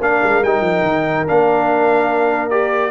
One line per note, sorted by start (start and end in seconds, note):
0.00 0.21 A#3
0.00 0.43 D4
0.00 2.90 A#4
0.00 0.43 F5
0.23 0.42 G#3
0.42 0.61 G3
0.42 1.27 D#4
0.42 1.26 G5
0.61 0.81 F3
0.82 1.24 D#3
1.27 2.90 A#3
1.27 2.50 D4
1.27 2.50 F5
2.50 2.90 G4
2.50 2.90 D5